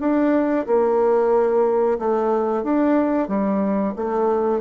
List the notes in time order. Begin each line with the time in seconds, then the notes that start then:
0.00 D4
0.67 A#3
1.99 A3
2.63 D4
3.28 G3
3.96 A3